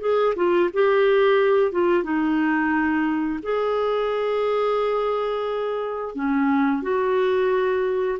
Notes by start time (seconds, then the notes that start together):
0.00 G#4
0.35 F4
0.73 G4
1.72 F4
2.03 D#4
3.42 G#4
6.15 C#4
6.82 F#4